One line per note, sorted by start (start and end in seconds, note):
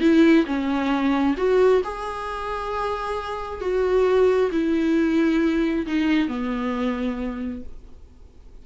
0.00 0.45 E4
0.45 1.35 C#4
1.37 1.82 F#4
1.84 3.60 G#4
3.60 4.50 F#4
4.51 5.86 E4
5.86 6.27 D#4
6.27 7.62 B3